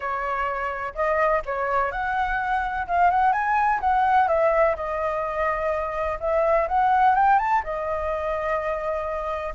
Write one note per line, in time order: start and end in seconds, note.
0.00 0.93 C#5
0.95 1.42 D#5
1.45 1.91 C#5
1.91 2.86 F#5
2.87 3.10 F5
3.10 3.32 F#5
3.32 3.80 G#5
3.80 4.27 F#5
4.27 4.75 E5
4.76 6.19 D#5
6.19 6.67 E5
6.68 7.15 F#5
7.15 7.38 G5
7.38 7.62 A5
7.63 9.54 D#5